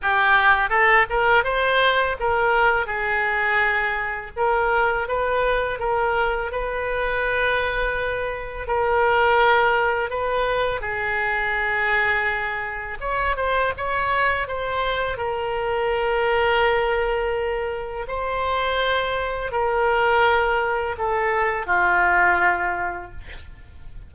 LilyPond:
\new Staff \with { instrumentName = "oboe" } { \time 4/4 \tempo 4 = 83 g'4 a'8 ais'8 c''4 ais'4 | gis'2 ais'4 b'4 | ais'4 b'2. | ais'2 b'4 gis'4~ |
gis'2 cis''8 c''8 cis''4 | c''4 ais'2.~ | ais'4 c''2 ais'4~ | ais'4 a'4 f'2 | }